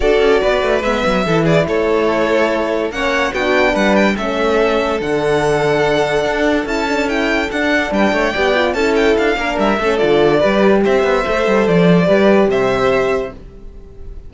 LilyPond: <<
  \new Staff \with { instrumentName = "violin" } { \time 4/4 \tempo 4 = 144 d''2 e''4. d''8 | cis''2. fis''4 | g''4 fis''8 g''8 e''2 | fis''1 |
a''4 g''4 fis''4 g''4~ | g''4 a''8 g''8 f''4 e''4 | d''2 e''2 | d''2 e''2 | }
  \new Staff \with { instrumentName = "violin" } { \time 4/4 a'4 b'2 a'8 gis'8 | a'2. cis''4 | fis'4 b'4 a'2~ | a'1~ |
a'2. b'8 cis''8 | d''4 a'4. ais'4 a'8~ | a'4 b'4 c''2~ | c''4 b'4 c''2 | }
  \new Staff \with { instrumentName = "horn" } { \time 4/4 fis'2 b4 e'4~ | e'2. cis'4 | d'2 cis'2 | d'1 |
e'8 d'8 e'4 d'2 | g'8 f'8 e'4. d'4 cis'8 | f'4 g'2 a'4~ | a'4 g'2. | }
  \new Staff \with { instrumentName = "cello" } { \time 4/4 d'8 cis'8 b8 a8 gis8 fis8 e4 | a2. ais4 | b4 g4 a2 | d2. d'4 |
cis'2 d'4 g8 a8 | b4 cis'4 d'8 ais8 g8 a8 | d4 g4 c'8 b8 a8 g8 | f4 g4 c2 | }
>>